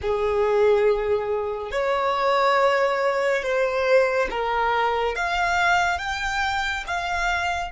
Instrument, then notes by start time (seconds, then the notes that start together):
violin
0.01 G#4
1.71 C#5
3.42 C5
4.30 A#4
5.15 F5
5.98 G5
6.86 F5